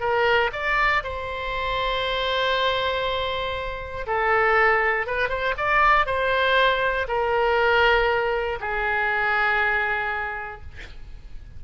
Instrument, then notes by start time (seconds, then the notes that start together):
oboe
0.00 A#4
0.52 D5
1.03 C5
4.06 A4
5.06 B4
5.28 C5
5.57 D5
6.05 C5
7.07 A#4
8.60 G#4